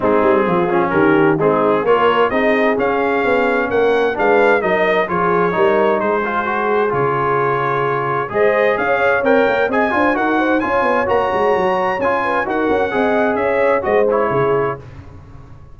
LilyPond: <<
  \new Staff \with { instrumentName = "trumpet" } { \time 4/4 \tempo 4 = 130 gis'2 ais'4 gis'4 | cis''4 dis''4 f''2 | fis''4 f''4 dis''4 cis''4~ | cis''4 c''2 cis''4~ |
cis''2 dis''4 f''4 | g''4 gis''4 fis''4 gis''4 | ais''2 gis''4 fis''4~ | fis''4 e''4 dis''8 cis''4. | }
  \new Staff \with { instrumentName = "horn" } { \time 4/4 dis'4 f'4 g'4 dis'4 | ais'4 gis'2. | ais'4 b'4 ais'4 gis'4 | ais'4 gis'2.~ |
gis'2 c''4 cis''4~ | cis''4 dis''8 c''8 ais'8 c''8 cis''4~ | cis''2~ cis''8 b'8 ais'4 | dis''4 cis''4 c''4 gis'4 | }
  \new Staff \with { instrumentName = "trombone" } { \time 4/4 c'4. cis'4. c'4 | f'4 dis'4 cis'2~ | cis'4 d'4 dis'4 f'4 | dis'4. f'8 fis'4 f'4~ |
f'2 gis'2 | ais'4 gis'8 f'8 fis'4 f'4 | fis'2 f'4 fis'4 | gis'2 fis'8 e'4. | }
  \new Staff \with { instrumentName = "tuba" } { \time 4/4 gis8 g8 f4 dis4 gis4 | ais4 c'4 cis'4 b4 | ais4 gis4 fis4 f4 | g4 gis2 cis4~ |
cis2 gis4 cis'4 | c'8 ais8 c'8 d'8 dis'4 cis'8 b8 | ais8 gis8 fis4 cis'4 dis'8 cis'8 | c'4 cis'4 gis4 cis4 | }
>>